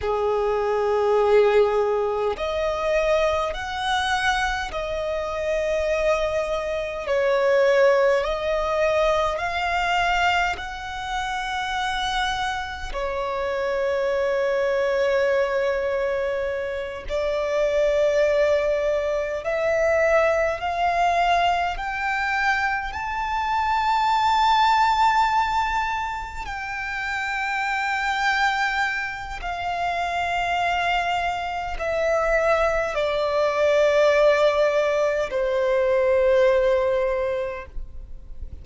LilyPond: \new Staff \with { instrumentName = "violin" } { \time 4/4 \tempo 4 = 51 gis'2 dis''4 fis''4 | dis''2 cis''4 dis''4 | f''4 fis''2 cis''4~ | cis''2~ cis''8 d''4.~ |
d''8 e''4 f''4 g''4 a''8~ | a''2~ a''8 g''4.~ | g''4 f''2 e''4 | d''2 c''2 | }